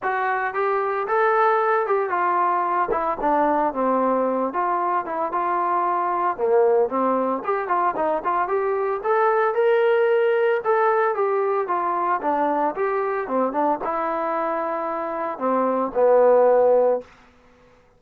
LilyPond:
\new Staff \with { instrumentName = "trombone" } { \time 4/4 \tempo 4 = 113 fis'4 g'4 a'4. g'8 | f'4. e'8 d'4 c'4~ | c'8 f'4 e'8 f'2 | ais4 c'4 g'8 f'8 dis'8 f'8 |
g'4 a'4 ais'2 | a'4 g'4 f'4 d'4 | g'4 c'8 d'8 e'2~ | e'4 c'4 b2 | }